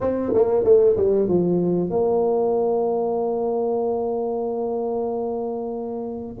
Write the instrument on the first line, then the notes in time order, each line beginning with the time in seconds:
tuba
0.00 C4
0.34 A#3
0.64 A3
0.97 G3
1.28 F3
1.90 A#3